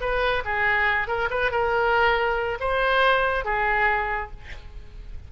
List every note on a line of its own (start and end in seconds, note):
0.00 0.43 B4
0.45 1.07 G#4
1.07 1.29 A#4
1.30 1.51 B4
1.51 2.58 A#4
2.59 3.45 C5
3.45 4.30 G#4